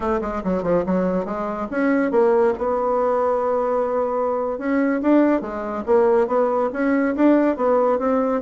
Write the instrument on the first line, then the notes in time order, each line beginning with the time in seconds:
bassoon
0.00 A3
0.21 G#3
0.44 F#3
0.62 F3
0.86 F#3
1.25 G#3
1.70 C#4
2.11 A#3
2.57 B3
4.58 C#4
5.01 D4
5.41 G#3
5.85 A#3
6.27 B3
6.72 C#4
7.15 D4
7.56 B3
7.99 C4